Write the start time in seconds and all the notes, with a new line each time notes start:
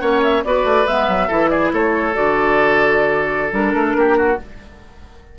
0.00 A#3 C#4 C#5 F#5
0.23 E5
0.44 B3 F#4 B4 D5
0.64 A3
0.87 G#3 B3 E5
1.08 F#3
1.28 E3 E4 A4
1.50 G#4 D5
1.73 A3 A4 C#5
2.14 D3 F#4 D5
3.52 G3 D4 A#4
3.74 A3
3.96 A#3 G4
4.18 F#4